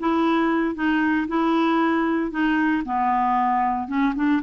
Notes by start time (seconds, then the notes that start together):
0.00 E4
0.75 D#4
1.28 E4
2.31 D#4
2.85 B3
3.88 C#4
4.16 D4